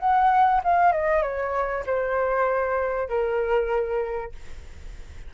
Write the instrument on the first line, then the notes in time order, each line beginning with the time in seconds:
flute
0.00 F#5
0.64 F5
0.93 D#5
1.23 C#5
1.87 C5
3.09 A#4